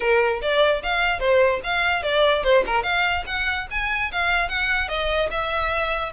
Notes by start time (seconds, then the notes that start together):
0.00 A#4
0.41 D5
0.82 F5
1.19 C5
1.63 F5
2.02 D5
2.43 C5
2.66 A#4
2.83 F5
3.26 F#5
3.71 G#5
4.12 F5
4.48 F#5
4.88 D#5
5.31 E5